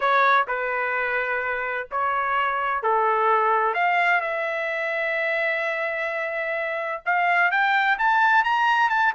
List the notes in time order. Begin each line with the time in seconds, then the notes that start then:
0.00 C#5
0.47 B4
1.91 C#5
2.82 A4
3.74 F5
4.20 E5
7.05 F5
7.51 G5
7.98 A5
8.44 A#5
8.89 A5